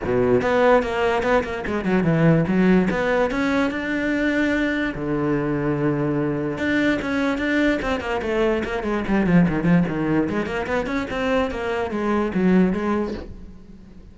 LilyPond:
\new Staff \with { instrumentName = "cello" } { \time 4/4 \tempo 4 = 146 b,4 b4 ais4 b8 ais8 | gis8 fis8 e4 fis4 b4 | cis'4 d'2. | d1 |
d'4 cis'4 d'4 c'8 ais8 | a4 ais8 gis8 g8 f8 dis8 f8 | dis4 gis8 ais8 b8 cis'8 c'4 | ais4 gis4 fis4 gis4 | }